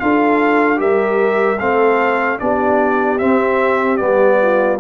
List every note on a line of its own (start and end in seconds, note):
0.00 0.80 D4
0.00 0.77 F4
0.00 0.81 A4
0.00 0.80 F5
0.77 1.60 G3
0.77 1.57 G4
0.77 1.60 A#4
0.77 1.59 E5
1.59 2.40 A3
1.59 2.40 C4
1.59 2.40 A4
1.59 2.39 F5
2.40 3.21 B3
2.40 3.20 D4
2.40 4.42 G4
2.40 3.19 D5
3.19 3.99 C4
3.19 4.00 C4
3.19 3.97 E5
3.97 4.80 G3
3.97 4.79 B3
3.97 4.77 D5
4.42 4.80 F4